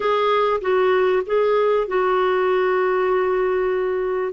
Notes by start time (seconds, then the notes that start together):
0.00 G#4
0.61 F#4
1.25 G#4
1.87 F#4